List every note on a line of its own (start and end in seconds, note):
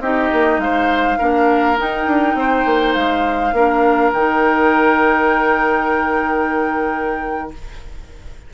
0.00 0.29 C4
0.00 1.19 D#4
0.00 0.61 G4
0.00 0.60 D#5
0.32 0.58 A#3
0.58 1.17 G#3
0.58 1.18 C5
0.58 1.78 F5
1.18 1.80 A#3
1.18 1.77 D4
1.18 2.36 A#4
1.77 3.53 D#4
1.77 2.06 D#4
1.77 2.93 G5
2.06 2.34 D4
2.34 2.64 C4
2.34 3.55 C5
2.65 2.95 A#3
2.93 3.52 G#3
2.93 4.11 F5
3.52 4.11 A#3
3.52 4.14 D4
3.52 7.52 A#4
4.13 7.51 D#3
4.13 7.54 D#4
4.13 7.51 G5